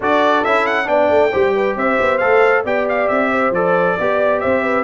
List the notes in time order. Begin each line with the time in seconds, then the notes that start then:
0.00 D4 F#4 A4 D5
0.44 C#4 E4 E5
0.66 F#5
0.85 B3 D4 D5 G5
1.09 A3
1.31 G3 G4 C5
1.54 B4
1.76 C4 C5 E5
1.99 B3
2.18 A3 A4 F5
2.64 B3 G4 D5 G5
2.88 F5
3.07 C4 E5
3.31 C5
3.50 F3 A4 D5
3.98 B3 G4 D5
4.40 C4 C5 E5
4.63 B4